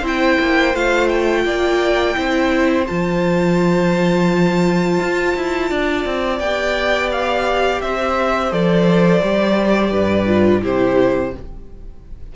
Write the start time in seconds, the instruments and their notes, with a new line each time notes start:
0.00 cello C4, viola E4, violin C5
0.07 violin G5
0.40 cello A#3
0.74 cello A3, viola F4, violin F5
1.09 violin G5
1.45 cello A#3, violin D5
2.15 cello C4, viola E4, violin C5
2.86 cello F3, viola F4, violin A5
5.00 cello F4
5.36 cello E4
5.70 cello D4, violin D5
6.05 cello C4
6.39 cello B3, viola G4, violin G5
7.11 violin F5
7.81 cello C4, violin C5 E5
8.51 cello F3, viola A4, violin D5
9.22 cello G3, viola G4
9.91 cello G2, violin B4
10.27 viola F4
10.62 cello C3, viola E4, violin G4 C5